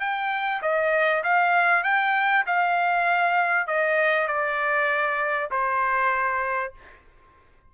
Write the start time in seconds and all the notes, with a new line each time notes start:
0.00 G5
0.62 D#5
1.23 F5
1.84 G5
2.46 F5
3.67 D#5
4.27 D5
5.51 C5